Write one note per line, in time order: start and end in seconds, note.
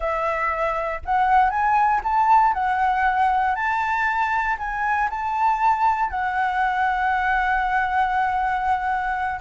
0.00 1.00 E5
1.05 1.50 F#5
1.50 2.01 G#5
2.03 2.53 A5
2.53 3.55 F#5
3.55 4.56 A5
4.58 5.09 G#5
5.09 6.09 A5
6.09 9.40 F#5